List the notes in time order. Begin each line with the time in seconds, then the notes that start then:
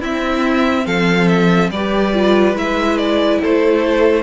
0.00 C4 E4 E5
0.86 F3 A4 F5
1.27 E5
1.70 G3 G4 B4 D5
2.13 F4
2.54 G#3 E4 E5
2.97 D5
3.40 A3 A4 C5